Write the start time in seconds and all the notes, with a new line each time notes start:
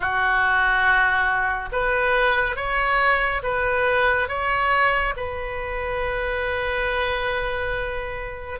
0.00 F#4
1.71 B4
2.56 C#5
3.42 B4
4.28 C#5
5.16 B4